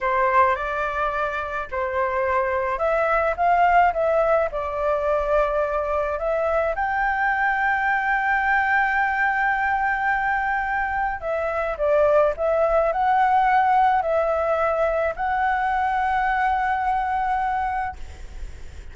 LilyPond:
\new Staff \with { instrumentName = "flute" } { \time 4/4 \tempo 4 = 107 c''4 d''2 c''4~ | c''4 e''4 f''4 e''4 | d''2. e''4 | g''1~ |
g''1 | e''4 d''4 e''4 fis''4~ | fis''4 e''2 fis''4~ | fis''1 | }